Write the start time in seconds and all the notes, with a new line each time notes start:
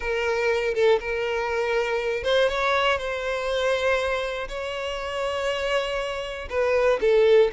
0.00 A#4
0.74 A4
1.00 A#4
2.23 C5
2.49 C#5
2.97 C5
4.48 C#5
6.49 B4
7.00 A4